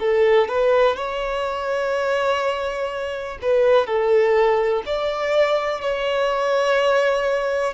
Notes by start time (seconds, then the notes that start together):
0.00 A4
0.48 B4
0.96 C#5
3.42 B4
3.87 A4
4.86 D5
5.81 C#5